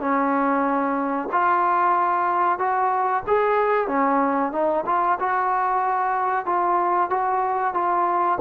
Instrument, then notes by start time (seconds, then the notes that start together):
trombone
0.00 C#4
1.32 F4
2.59 F#4
3.27 G#4
3.88 C#4
4.52 D#4
4.86 F4
5.20 F#4
6.46 F4
7.10 F#4
7.74 F4